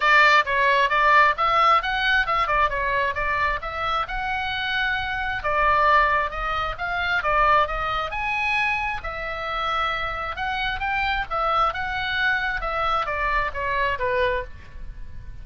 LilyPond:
\new Staff \with { instrumentName = "oboe" } { \time 4/4 \tempo 4 = 133 d''4 cis''4 d''4 e''4 | fis''4 e''8 d''8 cis''4 d''4 | e''4 fis''2. | d''2 dis''4 f''4 |
d''4 dis''4 gis''2 | e''2. fis''4 | g''4 e''4 fis''2 | e''4 d''4 cis''4 b'4 | }